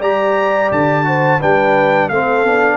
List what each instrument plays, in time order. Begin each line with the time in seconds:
0.00 tuba G3, trombone G4, horn D5, trumpet A#5
0.72 tuba D3, trumpet A5
1.04 trombone F#4, horn C5
1.40 tuba G3, trombone D4, horn B4, trumpet G5
2.09 tuba A3, trombone C4, horn A4, trumpet F5
2.44 tuba B3, trombone D4